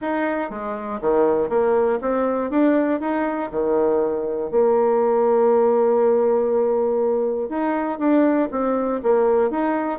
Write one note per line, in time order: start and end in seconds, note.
0.01 0.50 D#4
0.50 1.00 G#3
1.01 1.49 D#3
1.49 1.99 A#3
2.01 2.50 C4
2.50 3.00 D4
3.00 3.50 D#4
3.51 4.50 D#3
4.50 7.49 A#3
7.49 7.98 D#4
7.98 8.48 D4
8.51 9.01 C4
9.03 9.50 A#3
9.50 9.99 D#4